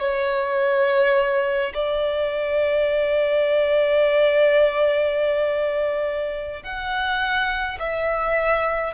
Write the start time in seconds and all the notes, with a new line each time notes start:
0.00 C#5
1.74 D5
6.63 F#5
7.79 E5